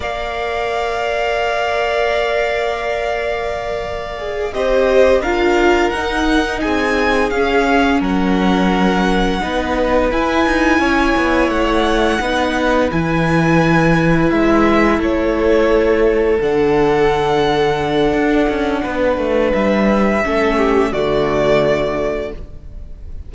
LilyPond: <<
  \new Staff \with { instrumentName = "violin" } { \time 4/4 \tempo 4 = 86 f''1~ | f''2~ f''8 dis''4 f''8~ | f''8 fis''4 gis''4 f''4 fis''8~ | fis''2~ fis''8 gis''4.~ |
gis''8 fis''2 gis''4.~ | gis''8 e''4 cis''2 fis''8~ | fis''1 | e''2 d''2 | }
  \new Staff \with { instrumentName = "violin" } { \time 4/4 d''1~ | d''2~ d''8 c''4 ais'8~ | ais'4. gis'2 ais'8~ | ais'4. b'2 cis''8~ |
cis''4. b'2~ b'8~ | b'4. a'2~ a'8~ | a'2. b'4~ | b'4 a'8 g'8 fis'2 | }
  \new Staff \with { instrumentName = "viola" } { \time 4/4 ais'1~ | ais'2 gis'8 g'4 f'8~ | f'8 dis'2 cis'4.~ | cis'4. dis'4 e'4.~ |
e'4. dis'4 e'4.~ | e'2.~ e'8 d'8~ | d'1~ | d'4 cis'4 a2 | }
  \new Staff \with { instrumentName = "cello" } { \time 4/4 ais1~ | ais2~ ais8 c'4 d'8~ | d'8 dis'4 c'4 cis'4 fis8~ | fis4. b4 e'8 dis'8 cis'8 |
b8 a4 b4 e4.~ | e8 gis4 a2 d8~ | d2 d'8 cis'8 b8 a8 | g4 a4 d2 | }
>>